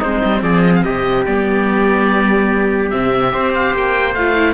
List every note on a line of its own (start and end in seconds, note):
0.00 0.23 G#3
0.00 1.27 C4
0.00 0.41 D#4
0.00 0.43 C5
0.24 0.42 G3
0.42 0.84 F3
0.42 0.85 G#4
0.42 0.62 D5
0.62 0.72 D#5
0.76 0.84 F5
0.84 1.26 C3
0.84 3.33 G4
0.84 1.25 D#5
1.25 2.92 G3
1.25 2.92 B3
1.25 2.90 D5
2.90 3.34 C3
2.90 3.31 C4
2.90 3.52 E5
3.31 3.74 C4
3.31 4.14 G4
3.31 4.55 C5
3.54 3.75 F5
3.74 4.15 A#3
3.74 4.15 G5
4.15 4.55 A3
4.15 4.36 F4
4.15 4.55 F5
4.36 4.55 E4